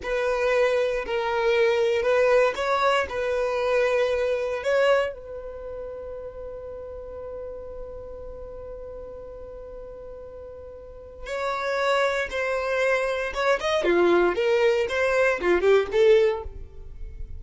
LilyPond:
\new Staff \with { instrumentName = "violin" } { \time 4/4 \tempo 4 = 117 b'2 ais'2 | b'4 cis''4 b'2~ | b'4 cis''4 b'2~ | b'1~ |
b'1~ | b'2 cis''2 | c''2 cis''8 dis''8 f'4 | ais'4 c''4 f'8 g'8 a'4 | }